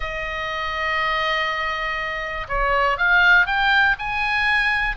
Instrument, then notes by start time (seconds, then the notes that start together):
oboe
0.00 D#5
2.48 C#5
2.97 F5
3.46 G5
3.98 G#5